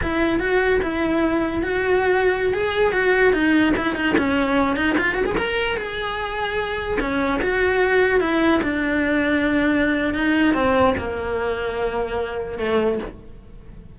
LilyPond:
\new Staff \with { instrumentName = "cello" } { \time 4/4 \tempo 4 = 148 e'4 fis'4 e'2 | fis'2~ fis'16 gis'4 fis'8.~ | fis'16 dis'4 e'8 dis'8 cis'4. dis'16~ | dis'16 f'8 fis'16 gis'16 ais'4 gis'4.~ gis'16~ |
gis'4~ gis'16 cis'4 fis'4.~ fis'16~ | fis'16 e'4 d'2~ d'8.~ | d'4 dis'4 c'4 ais4~ | ais2. a4 | }